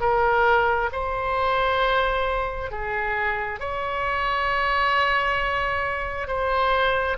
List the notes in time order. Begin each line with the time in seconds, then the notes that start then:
0.00 A#4
0.92 C5
2.71 G#4
3.59 C#5
6.27 C5